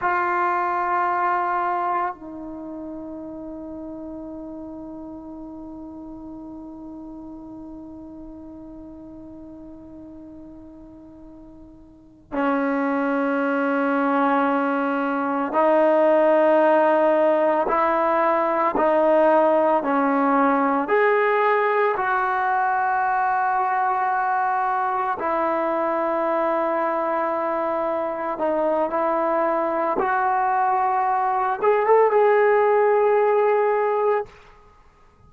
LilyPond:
\new Staff \with { instrumentName = "trombone" } { \time 4/4 \tempo 4 = 56 f'2 dis'2~ | dis'1~ | dis'2.~ dis'8 cis'8~ | cis'2~ cis'8 dis'4.~ |
dis'8 e'4 dis'4 cis'4 gis'8~ | gis'8 fis'2. e'8~ | e'2~ e'8 dis'8 e'4 | fis'4. gis'16 a'16 gis'2 | }